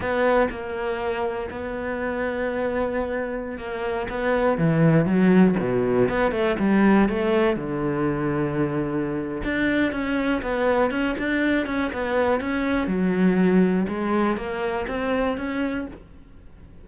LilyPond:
\new Staff \with { instrumentName = "cello" } { \time 4/4 \tempo 4 = 121 b4 ais2 b4~ | b2.~ b16 ais8.~ | ais16 b4 e4 fis4 b,8.~ | b,16 b8 a8 g4 a4 d8.~ |
d2. d'4 | cis'4 b4 cis'8 d'4 cis'8 | b4 cis'4 fis2 | gis4 ais4 c'4 cis'4 | }